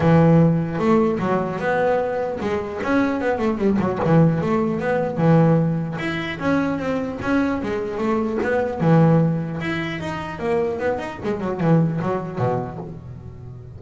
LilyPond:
\new Staff \with { instrumentName = "double bass" } { \time 4/4 \tempo 4 = 150 e2 a4 fis4 | b2 gis4 cis'4 | b8 a8 g8 fis8 e4 a4 | b4 e2 e'4 |
cis'4 c'4 cis'4 gis4 | a4 b4 e2 | e'4 dis'4 ais4 b8 dis'8 | gis8 fis8 e4 fis4 b,4 | }